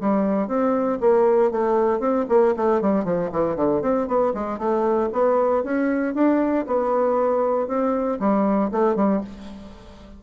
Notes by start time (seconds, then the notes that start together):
0.00 G3
0.47 C4
1.00 A#3
1.51 A3
1.99 C4
2.28 A#3
2.56 A3
2.81 G3
3.04 F3
3.32 E3
3.55 D3
3.81 C4
4.07 B3
4.34 G#3
4.58 A3
5.12 B3
5.63 C#4
6.14 D4
6.66 B3
7.67 C4
8.19 G3
8.71 A3
8.95 G3